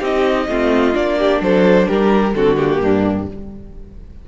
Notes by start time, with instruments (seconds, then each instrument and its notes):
0.00 cello C4, viola D#4, violin G4 D#5
0.49 cello A3, viola C4, violin F4
0.93 cello A#3, viola D4, violin D5
1.19 violin G4
1.41 cello F#3, violin A4 C5
1.88 cello G3, violin G4 A#4
2.34 cello D3, viola C4, violin F#4 A4
2.57 viola A#3, violin G4
2.81 cello G2, violin D4